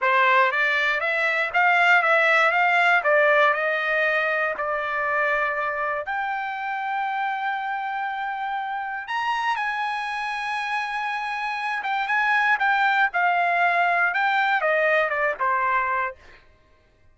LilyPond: \new Staff \with { instrumentName = "trumpet" } { \time 4/4 \tempo 4 = 119 c''4 d''4 e''4 f''4 | e''4 f''4 d''4 dis''4~ | dis''4 d''2. | g''1~ |
g''2 ais''4 gis''4~ | gis''2.~ gis''8 g''8 | gis''4 g''4 f''2 | g''4 dis''4 d''8 c''4. | }